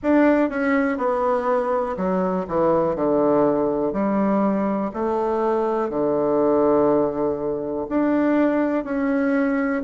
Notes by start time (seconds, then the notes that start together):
0.03 D4
0.49 C#4
0.97 B3
1.96 F#3
2.48 E3
2.95 D3
3.93 G3
4.93 A3
5.89 D3
7.89 D4
8.84 C#4